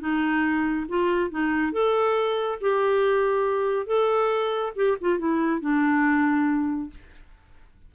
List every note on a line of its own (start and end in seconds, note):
0.00 0.86 D#4
0.88 1.31 F4
1.31 1.72 D#4
1.72 2.59 A4
2.61 3.87 G4
3.87 4.73 A4
4.76 4.97 G4
5.01 5.19 F4
5.19 5.61 E4
5.61 6.90 D4